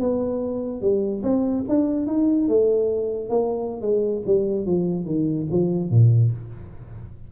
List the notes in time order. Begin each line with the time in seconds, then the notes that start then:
0.00 B3
0.81 G3
1.23 C4
1.69 D4
2.07 D#4
2.48 A3
3.30 A#3
3.81 G#3
4.26 G3
4.66 F3
5.06 D#3
5.51 F3
5.90 A#2